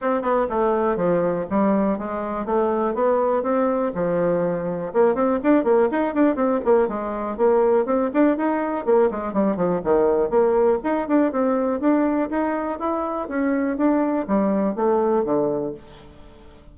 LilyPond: \new Staff \with { instrumentName = "bassoon" } { \time 4/4 \tempo 4 = 122 c'8 b8 a4 f4 g4 | gis4 a4 b4 c'4 | f2 ais8 c'8 d'8 ais8 | dis'8 d'8 c'8 ais8 gis4 ais4 |
c'8 d'8 dis'4 ais8 gis8 g8 f8 | dis4 ais4 dis'8 d'8 c'4 | d'4 dis'4 e'4 cis'4 | d'4 g4 a4 d4 | }